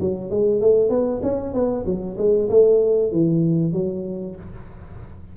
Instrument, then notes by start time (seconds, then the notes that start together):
tuba
0.00 F#3
0.30 G#3
0.61 A3
0.89 B3
1.23 C#4
1.53 B3
1.86 F#3
2.18 G#3
2.49 A3
3.12 E3
3.73 F#3